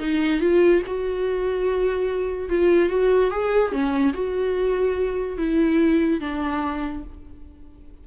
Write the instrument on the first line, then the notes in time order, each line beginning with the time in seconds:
viola
0.00 D#4
0.41 F4
0.87 F#4
2.50 F4
2.90 F#4
3.31 G#4
3.72 C#4
4.14 F#4
5.38 E4
6.21 D4